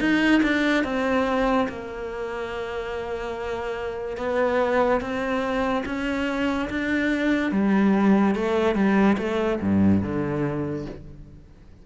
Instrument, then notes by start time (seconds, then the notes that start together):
cello
0.00 D#4
0.43 D4
0.84 C4
1.69 A#3
4.17 B3
5.01 C4
5.86 C#4
6.70 D4
7.52 G3
8.35 A3
8.75 G3
9.18 A3
9.61 G2
10.02 D3